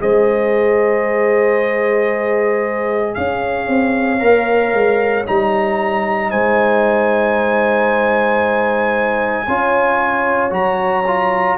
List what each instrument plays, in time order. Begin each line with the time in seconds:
0.00 tuba G#3, trombone G#4, horn C5, trumpet D#5
3.15 tuba C#4, horn C#5, trumpet F5
3.69 tuba C4
4.20 tuba A#3, trombone A#4
4.73 tuba G#3
5.26 tuba G3, trombone D#4, trumpet A#5
6.31 tuba G#3, horn C5, trumpet G#5
9.48 tuba C#4, trombone F4, horn C#5
10.51 tuba F#3, trombone F#4, trumpet A#5
11.07 trombone F4